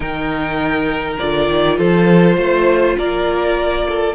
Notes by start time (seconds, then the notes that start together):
0.00 D#3 D#4 A#4 G5
1.18 D3 F4 D5
1.49 D#3
1.77 F3 A4 C5
2.37 A3 C5
2.97 A#3 A#4 D5
3.88 A4